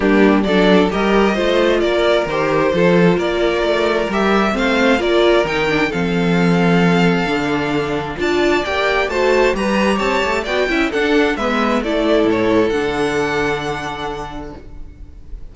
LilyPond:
<<
  \new Staff \with { instrumentName = "violin" } { \time 4/4 \tempo 4 = 132 g'4 d''4 dis''2 | d''4 c''2 d''4~ | d''4 e''4 f''4 d''4 | g''4 f''2.~ |
f''2 a''4 g''4 | a''4 ais''4 a''4 g''4 | fis''4 e''4 d''4 cis''4 | fis''1 | }
  \new Staff \with { instrumentName = "violin" } { \time 4/4 d'4 a'4 ais'4 c''4 | ais'2 a'4 ais'4~ | ais'2 c''4 ais'4~ | ais'4 a'2.~ |
a'2 d''2 | c''4 b'4 cis''4 d''8 e''8 | a'4 b'4 a'2~ | a'1 | }
  \new Staff \with { instrumentName = "viola" } { \time 4/4 ais4 d'4 g'4 f'4~ | f'4 g'4 f'2~ | f'4 g'4 c'4 f'4 | dis'8 d'8 c'2. |
d'2 f'4 g'4 | fis'4 g'2 fis'8 e'8 | d'4 b4 e'2 | d'1 | }
  \new Staff \with { instrumentName = "cello" } { \time 4/4 g4 fis4 g4 a4 | ais4 dis4 f4 ais4 | a4 g4 a4 ais4 | dis4 f2. |
d2 d'4 ais4 | a4 g4 c'8 a8 b8 cis'8 | d'4 gis4 a4 a,4 | d1 | }
>>